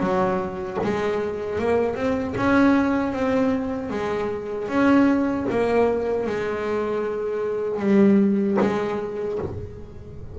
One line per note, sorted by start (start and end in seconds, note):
0.00 0.78 F#3
0.84 1.59 G#3
1.59 1.96 A#3
1.96 2.34 C4
2.37 3.13 C#4
3.13 3.91 C4
3.91 4.69 G#3
4.69 5.47 C#4
5.50 6.27 A#3
6.27 7.80 G#3
7.80 8.58 G3
8.61 9.39 G#3